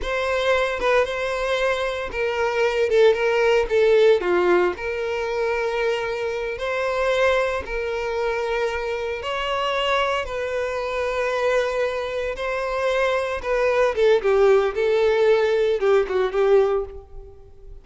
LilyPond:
\new Staff \with { instrumentName = "violin" } { \time 4/4 \tempo 4 = 114 c''4. b'8 c''2 | ais'4. a'8 ais'4 a'4 | f'4 ais'2.~ | ais'8 c''2 ais'4.~ |
ais'4. cis''2 b'8~ | b'2.~ b'8 c''8~ | c''4. b'4 a'8 g'4 | a'2 g'8 fis'8 g'4 | }